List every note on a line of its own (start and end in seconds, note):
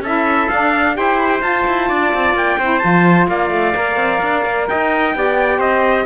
0.00 0.47 C#4
0.00 0.51 E4
0.00 0.96 A4
0.00 0.49 E5
0.49 0.94 D4
0.49 0.98 D4
0.49 0.96 F5
0.94 1.42 E4
0.94 1.41 G4
0.94 1.89 C5
0.94 1.19 G5
1.19 1.29 B5
1.29 1.41 G5
1.41 2.57 F4
1.41 1.65 F4
1.41 2.35 A5
1.67 1.90 E4
1.89 2.13 D4
1.89 2.58 D5
2.14 2.33 C4
2.33 2.56 A#3
2.33 2.79 G5
2.59 2.82 C4
2.59 2.80 E4
2.59 3.28 C5
2.79 3.28 F3
2.79 3.73 F4
2.79 3.25 A5
3.28 3.50 A#3
3.28 4.69 D5
3.28 4.68 F5
3.50 3.74 A3
3.75 3.96 A#3
3.75 5.14 A#4
3.96 4.19 C4
4.22 4.45 D4
4.45 4.69 A#3
4.68 5.15 D#4
4.68 5.16 D#5
4.68 5.60 G5
5.14 5.59 B3
5.14 6.06 G4
5.14 5.58 D5
5.58 6.05 C4
5.58 6.05 C5
5.58 6.06 D#5